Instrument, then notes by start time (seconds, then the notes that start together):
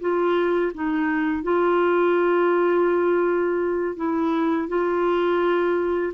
clarinet
0.00 F4
0.74 D#4
1.43 F4
3.96 E4
4.68 F4